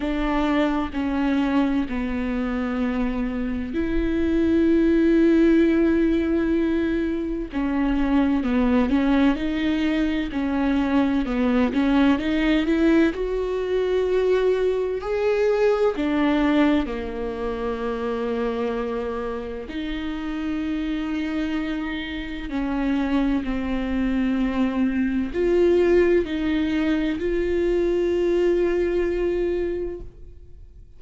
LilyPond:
\new Staff \with { instrumentName = "viola" } { \time 4/4 \tempo 4 = 64 d'4 cis'4 b2 | e'1 | cis'4 b8 cis'8 dis'4 cis'4 | b8 cis'8 dis'8 e'8 fis'2 |
gis'4 d'4 ais2~ | ais4 dis'2. | cis'4 c'2 f'4 | dis'4 f'2. | }